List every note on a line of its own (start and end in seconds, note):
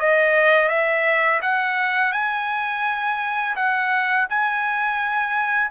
0.00 0.69 D#5
0.69 1.40 E5
1.42 2.13 F#5
2.13 3.56 G#5
3.56 4.28 F#5
4.30 5.71 G#5